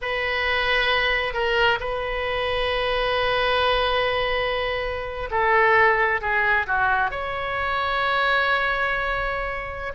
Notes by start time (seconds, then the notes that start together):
0.01 B4
1.33 A#4
1.80 B4
5.30 A4
6.21 G#4
6.66 F#4
7.11 C#5